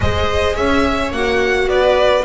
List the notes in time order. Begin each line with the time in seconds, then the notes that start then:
0.00 G#3 G#4 C5 D#5
0.55 C#4 C#5 E5
1.12 A#3 F#4 F#5
1.66 B3 B4 D5